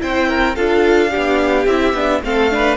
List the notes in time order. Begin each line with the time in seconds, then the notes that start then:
0.00 C4 E4 C5 G5
0.29 A#4
0.56 D4 F4 A4 F5
1.11 D4 G4
1.17 B3
1.66 C4 E4 E5
1.94 B3 D4
2.23 A3 C4 A4 F5
2.51 D4 B4